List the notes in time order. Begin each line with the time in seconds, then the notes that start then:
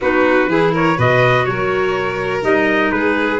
0.01 B3 D#4 F#4 B4
0.46 E3 E4 G#4
0.72 A#4 C#5
0.96 B2 F#4 B4 D#5
1.45 F#3 A#4 C#5
2.41 G3 D#4 D#5
2.91 G#3 G#4 B4